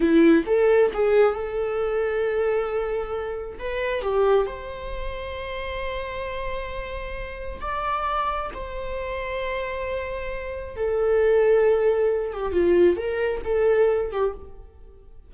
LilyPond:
\new Staff \with { instrumentName = "viola" } { \time 4/4 \tempo 4 = 134 e'4 a'4 gis'4 a'4~ | a'1 | b'4 g'4 c''2~ | c''1~ |
c''4 d''2 c''4~ | c''1 | a'2.~ a'8 g'8 | f'4 ais'4 a'4. g'8 | }